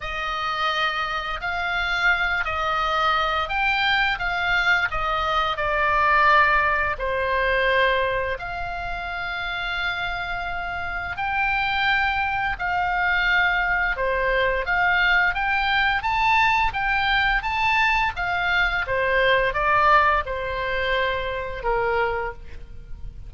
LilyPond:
\new Staff \with { instrumentName = "oboe" } { \time 4/4 \tempo 4 = 86 dis''2 f''4. dis''8~ | dis''4 g''4 f''4 dis''4 | d''2 c''2 | f''1 |
g''2 f''2 | c''4 f''4 g''4 a''4 | g''4 a''4 f''4 c''4 | d''4 c''2 ais'4 | }